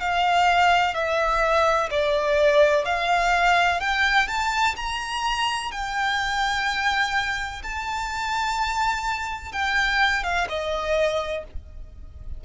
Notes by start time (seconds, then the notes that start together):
0.00 F5
0.94 E5
1.90 D5
2.85 F5
3.80 G5
4.28 A5
4.76 A#5
5.71 G5
7.63 A5
9.52 G5
10.23 F5
10.49 D#5